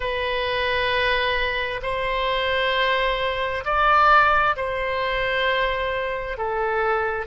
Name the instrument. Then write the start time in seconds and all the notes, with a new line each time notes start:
oboe
0.00 B4
1.82 C5
3.64 D5
4.56 C5
6.37 A4